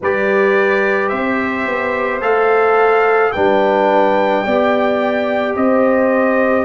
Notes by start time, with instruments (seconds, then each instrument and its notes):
0.01 tuba G3, trombone G4, horn B4, trumpet D5
1.08 tuba C4, horn C5, trumpet E5
1.66 tuba B3
2.21 tuba A3, trombone A4, trumpet F5
3.31 tuba G3, trombone D4, horn B4, trumpet G5
4.44 tuba B3, trombone G4, horn D5
5.55 tuba C4, horn C5, trumpet D#5